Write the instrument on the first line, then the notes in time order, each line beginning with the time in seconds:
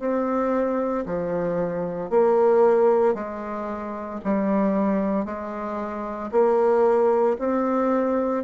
bassoon
0.00 C4
1.06 F3
2.11 A#3
3.15 G#3
4.24 G3
5.25 G#3
6.32 A#3
7.39 C4